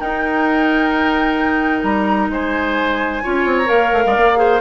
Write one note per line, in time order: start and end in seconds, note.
0.00 3.23 D#4
0.00 1.84 D#4
0.00 2.31 A#4
0.00 1.83 G5
1.83 2.29 G3
1.83 2.29 A#5
2.29 3.21 G#3
2.29 3.23 C5
2.29 3.58 G#5
3.23 3.45 C#4
3.23 3.65 F4
3.23 4.04 C#5
3.45 3.68 C4
3.58 3.69 A#5
3.65 3.92 A#3
3.65 4.35 A#4
3.65 4.61 F5
3.92 4.04 A3
4.06 4.16 G#3
4.06 4.39 D5
4.16 4.61 A#3
4.36 4.59 G#4
4.36 4.61 C5